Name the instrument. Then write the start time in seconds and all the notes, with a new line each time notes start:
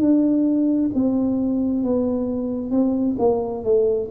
tuba
0.00 D4
0.95 C4
1.83 B3
2.71 C4
3.19 A#3
3.64 A3